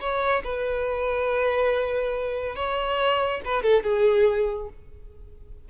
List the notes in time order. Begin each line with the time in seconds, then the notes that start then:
0.00 C#5
0.44 B4
2.55 C#5
3.45 B4
3.62 A4
3.83 G#4